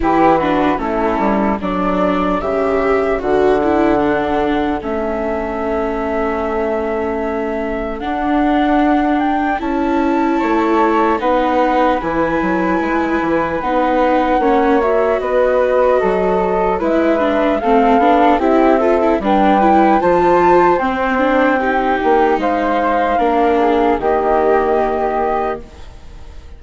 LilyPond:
<<
  \new Staff \with { instrumentName = "flute" } { \time 4/4 \tempo 4 = 75 b'4 a'4 d''4 e''4 | fis''2 e''2~ | e''2 fis''4. g''8 | a''2 fis''4 gis''4~ |
gis''4 fis''4. e''8 dis''4~ | dis''4 e''4 f''4 e''4 | g''4 a''4 g''2 | f''2 dis''2 | }
  \new Staff \with { instrumentName = "flute" } { \time 4/4 g'8 fis'8 e'4 a'2~ | a'1~ | a'1~ | a'4 cis''4 b'2~ |
b'2 cis''4 b'4 | a'4 b'4 a'4 g'8 a'8 | b'4 c''2 g'4 | c''4 ais'8 gis'8 g'2 | }
  \new Staff \with { instrumentName = "viola" } { \time 4/4 e'8 d'8 cis'4 d'4 g'4 | fis'8 e'8 d'4 cis'2~ | cis'2 d'2 | e'2 dis'4 e'4~ |
e'4 dis'4 cis'8 fis'4.~ | fis'4 e'8 d'8 c'8 d'8 e'8 f'16 e'16 | d'8 e'8 f'4 c'8 d'8 dis'4~ | dis'4 d'4 ais2 | }
  \new Staff \with { instrumentName = "bassoon" } { \time 4/4 e4 a8 g8 fis4 cis4 | d2 a2~ | a2 d'2 | cis'4 a4 b4 e8 fis8 |
gis8 e8 b4 ais4 b4 | fis4 gis4 a8 b8 c'4 | g4 f4 c'4. ais8 | gis4 ais4 dis2 | }
>>